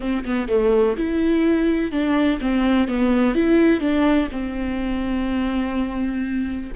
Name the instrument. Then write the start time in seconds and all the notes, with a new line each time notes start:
viola
0.00 C4
0.24 B3
0.48 A3
0.97 E4
1.91 D4
2.40 C4
2.88 B3
3.34 E4
3.80 D4
4.31 C4